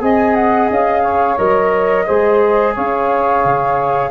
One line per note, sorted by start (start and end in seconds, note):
0.00 0.69 C4
0.00 1.36 G#4
0.00 1.02 D#5
0.00 0.35 G#5
0.35 0.69 F#5
0.70 1.38 C#4
0.70 1.37 F5
1.02 2.04 C#5
1.37 2.07 F#3
1.37 2.06 A#4
1.37 2.74 D#5
2.06 2.77 G#3
2.06 4.10 G#4
2.06 2.73 C5
2.73 3.44 C#4
2.73 4.10 C#5
2.73 4.10 F5
3.44 4.10 C#3